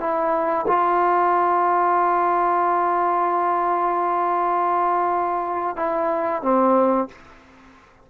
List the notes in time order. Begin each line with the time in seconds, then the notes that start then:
0.00 E4
0.67 F4
5.76 E4
6.43 C4